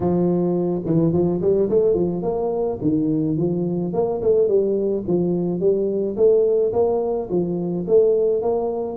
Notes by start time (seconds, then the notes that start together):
0.00 F3
0.85 E3
1.12 F3
1.41 G3
1.69 A3
1.94 F3
2.22 A#3
2.81 D#3
3.37 F3
3.93 A#3
4.21 A3
4.48 G3
5.07 F3
5.59 G3
6.16 A3
6.73 A#3
7.30 F3
7.87 A3
8.41 A#3